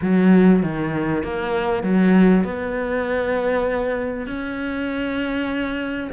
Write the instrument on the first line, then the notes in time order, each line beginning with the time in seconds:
cello
0.01 F#3
0.62 D#3
1.23 A#3
1.83 F#3
2.44 B3
4.26 C#4